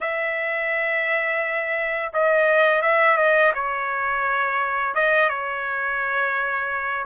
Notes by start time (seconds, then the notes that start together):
0.00 E5
2.13 D#5
2.82 E5
3.17 D#5
3.54 C#5
4.94 D#5
5.29 C#5